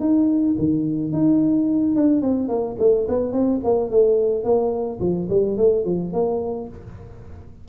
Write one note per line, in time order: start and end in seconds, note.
0.00 0.56 D#4
0.58 1.12 D#3
1.12 1.95 D#4
1.95 2.21 D4
2.21 2.48 C4
2.48 2.76 A#3
2.79 3.07 A3
3.08 3.32 B3
3.32 3.60 C4
3.64 3.90 A#3
3.90 4.44 A3
4.44 5.00 A#3
5.00 5.28 F3
5.30 5.57 G3
5.57 5.85 A3
5.85 6.13 F3
6.13 6.68 A#3